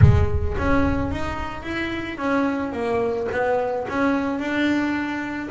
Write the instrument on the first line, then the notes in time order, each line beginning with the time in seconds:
double bass
0.01 G#3
0.58 C#4
1.11 D#4
1.62 E4
2.17 C#4
2.72 A#3
3.31 B3
3.88 C#4
4.39 D4